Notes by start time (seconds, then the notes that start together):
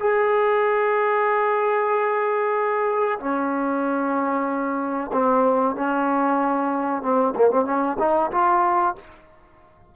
0.00 G#4
3.20 C#4
5.13 C4
5.76 C#4
7.02 C4
7.36 A#3
7.51 C4
7.65 C#4
7.99 D#4
8.32 F4